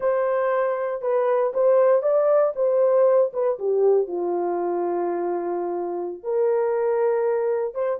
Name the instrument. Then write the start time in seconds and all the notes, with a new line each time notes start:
horn
0.00 C5
1.01 B4
1.53 C5
2.02 D5
2.55 C5
3.33 B4
3.58 G4
4.07 F4
6.23 A#4
7.74 C5